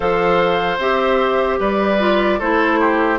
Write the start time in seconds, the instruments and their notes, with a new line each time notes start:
0.00 bassoon F3, clarinet A4, oboe C5, flute F5
0.78 bassoon C4, clarinet G4, flute E5
1.59 bassoon G3, oboe B4, flute D5
1.99 clarinet F4
2.39 bassoon A3, clarinet E4, oboe A4, flute C5
2.80 oboe G4